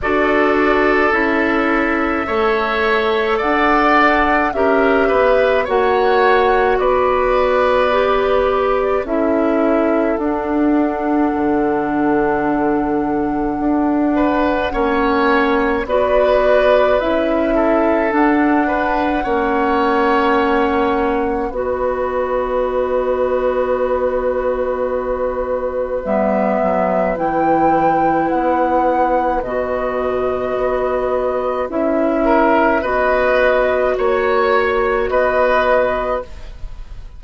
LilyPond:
<<
  \new Staff \with { instrumentName = "flute" } { \time 4/4 \tempo 4 = 53 d''4 e''2 fis''4 | e''4 fis''4 d''2 | e''4 fis''2.~ | fis''2 d''4 e''4 |
fis''2. dis''4~ | dis''2. e''4 | g''4 fis''4 dis''2 | e''4 dis''4 cis''4 dis''4 | }
  \new Staff \with { instrumentName = "oboe" } { \time 4/4 a'2 cis''4 d''4 | ais'8 b'8 cis''4 b'2 | a'1~ | a'8 b'8 cis''4 b'4. a'8~ |
a'8 b'8 cis''2 b'4~ | b'1~ | b'1~ | b'8 ais'8 b'4 cis''4 b'4 | }
  \new Staff \with { instrumentName = "clarinet" } { \time 4/4 fis'4 e'4 a'2 | g'4 fis'2 g'4 | e'4 d'2.~ | d'4 cis'4 fis'4 e'4 |
d'4 cis'2 fis'4~ | fis'2. b4 | e'2 fis'2 | e'4 fis'2. | }
  \new Staff \with { instrumentName = "bassoon" } { \time 4/4 d'4 cis'4 a4 d'4 | cis'8 b8 ais4 b2 | cis'4 d'4 d2 | d'4 ais4 b4 cis'4 |
d'4 ais2 b4~ | b2. g8 fis8 | e4 b4 b,4 b4 | cis'4 b4 ais4 b4 | }
>>